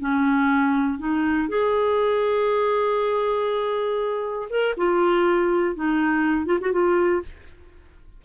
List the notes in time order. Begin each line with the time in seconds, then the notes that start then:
0.00 C#4
0.99 D#4
1.49 G#4
4.50 A#4
4.77 F4
5.76 D#4
6.46 F4
6.61 F#4
6.72 F4